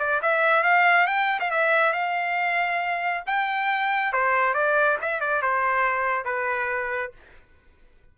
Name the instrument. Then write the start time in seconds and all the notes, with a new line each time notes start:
trumpet
0.00 D5
0.23 E5
0.64 F5
1.08 G5
1.40 F5
1.51 E5
1.93 F5
3.27 G5
4.13 C5
4.55 D5
5.02 E5
5.21 D5
5.42 C5
6.25 B4